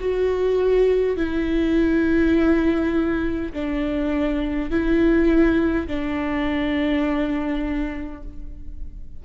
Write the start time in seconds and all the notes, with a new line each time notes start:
0.00 F#4
1.18 E4
3.53 D4
4.71 E4
5.88 D4